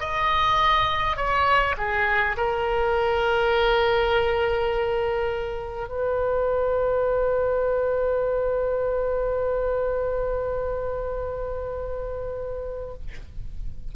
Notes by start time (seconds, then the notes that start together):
0.00 D#5
1.17 C#5
1.78 G#4
2.37 A#4
5.88 B4